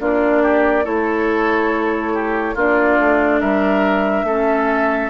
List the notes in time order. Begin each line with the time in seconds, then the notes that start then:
0.00 A#3 D4 F4 D5
0.43 G4
0.85 A3 E4 A4 C#5
2.14 G4
2.55 A#3 D4 F4 D5
2.99 A3
3.41 G3 A#4 E5
4.24 A3 C#4 A4